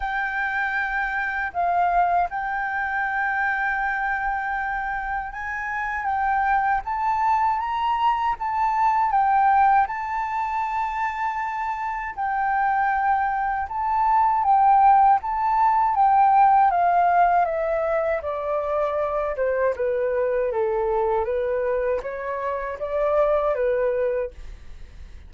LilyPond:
\new Staff \with { instrumentName = "flute" } { \time 4/4 \tempo 4 = 79 g''2 f''4 g''4~ | g''2. gis''4 | g''4 a''4 ais''4 a''4 | g''4 a''2. |
g''2 a''4 g''4 | a''4 g''4 f''4 e''4 | d''4. c''8 b'4 a'4 | b'4 cis''4 d''4 b'4 | }